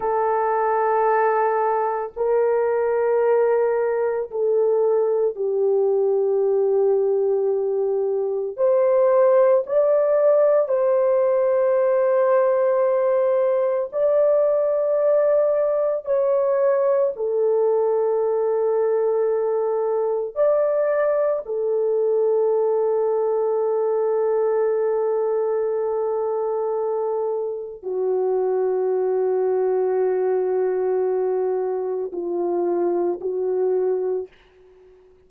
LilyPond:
\new Staff \with { instrumentName = "horn" } { \time 4/4 \tempo 4 = 56 a'2 ais'2 | a'4 g'2. | c''4 d''4 c''2~ | c''4 d''2 cis''4 |
a'2. d''4 | a'1~ | a'2 fis'2~ | fis'2 f'4 fis'4 | }